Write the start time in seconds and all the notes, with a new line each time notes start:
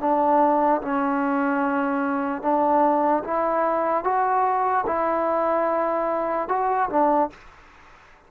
0.00 D4
0.81 C#4
2.42 D4
3.24 E4
4.04 F#4
4.86 E4
6.49 F#4
6.90 D4